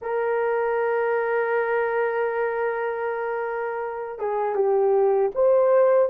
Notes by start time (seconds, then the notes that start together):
0.01 A#4
4.18 G#4
4.55 G4
5.34 C5